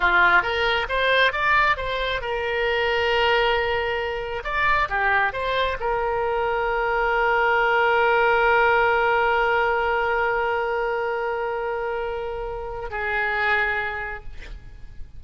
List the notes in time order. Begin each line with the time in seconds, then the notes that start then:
0.00 F4
0.42 A#4
0.88 C5
1.32 D5
1.76 C5
2.21 A#4
4.44 D5
4.89 G4
5.33 C5
5.80 A#4
12.90 G#4